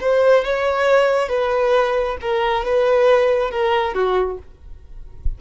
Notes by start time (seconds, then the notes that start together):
0.00 C5
0.44 C#5
1.29 B4
2.21 A#4
2.65 B4
3.51 A#4
3.94 F#4